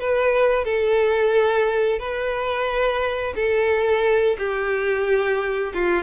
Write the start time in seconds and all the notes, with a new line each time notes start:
0.00 B4
0.64 A4
1.99 B4
3.36 A4
4.39 G4
5.74 F4